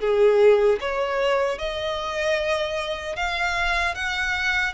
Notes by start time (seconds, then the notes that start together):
0.00 G#4
0.80 C#5
1.58 D#5
3.16 F5
3.95 F#5